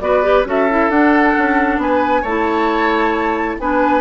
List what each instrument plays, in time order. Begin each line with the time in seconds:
0.00 bassoon B3, clarinet F#4, oboe B4, flute D5
0.23 clarinet G4
0.44 bassoon C#4, clarinet F#4, oboe A4, flute E5
0.70 clarinet E4
0.89 bassoon D4, clarinet D4, flute F#5
1.37 bassoon C#4
1.77 bassoon B3, oboe B4, flute G#5
2.22 bassoon A3, clarinet E4, oboe C#5, flute A5
3.59 bassoon B3, clarinet D4, oboe B4, flute G#5